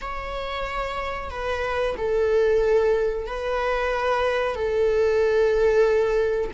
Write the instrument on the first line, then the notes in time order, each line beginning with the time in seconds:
viola
0.01 C#5
1.30 B4
1.97 A4
3.26 B4
4.55 A4